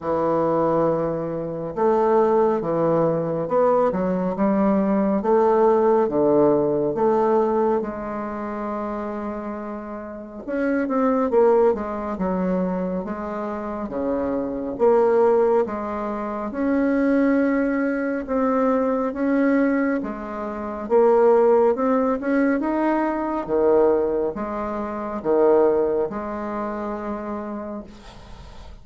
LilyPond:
\new Staff \with { instrumentName = "bassoon" } { \time 4/4 \tempo 4 = 69 e2 a4 e4 | b8 fis8 g4 a4 d4 | a4 gis2. | cis'8 c'8 ais8 gis8 fis4 gis4 |
cis4 ais4 gis4 cis'4~ | cis'4 c'4 cis'4 gis4 | ais4 c'8 cis'8 dis'4 dis4 | gis4 dis4 gis2 | }